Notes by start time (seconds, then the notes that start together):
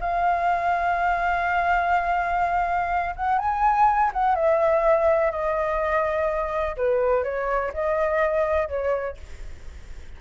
0.00 F5
3.16 F#5
3.38 G#5
4.13 F#5
4.35 E5
5.31 D#5
6.77 B4
7.23 C#5
7.73 D#5
8.68 C#5